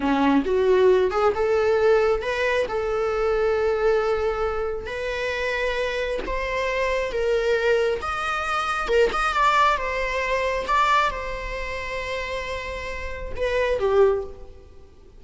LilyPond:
\new Staff \with { instrumentName = "viola" } { \time 4/4 \tempo 4 = 135 cis'4 fis'4. gis'8 a'4~ | a'4 b'4 a'2~ | a'2. b'4~ | b'2 c''2 |
ais'2 dis''2 | ais'8 dis''8 d''4 c''2 | d''4 c''2.~ | c''2 b'4 g'4 | }